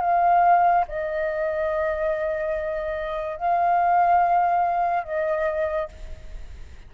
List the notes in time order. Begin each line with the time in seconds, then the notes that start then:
0.00 F5
0.88 D#5
3.36 F5
5.04 D#5